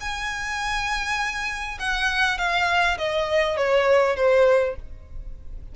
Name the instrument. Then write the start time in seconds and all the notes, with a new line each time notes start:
violin
0.00 G#5
1.79 F#5
2.38 F5
2.98 D#5
3.57 C#5
4.16 C5